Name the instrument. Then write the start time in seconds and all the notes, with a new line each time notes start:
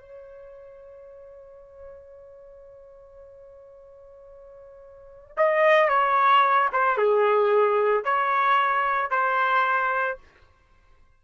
trumpet
0.00 C#5
5.37 D#5
5.89 C#5
6.73 C5
6.98 G#4
8.04 C#5
9.11 C5